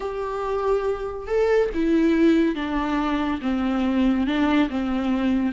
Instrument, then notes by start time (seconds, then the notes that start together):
viola
0.00 G4
1.27 A4
1.74 E4
2.55 D4
3.41 C4
4.26 D4
4.69 C4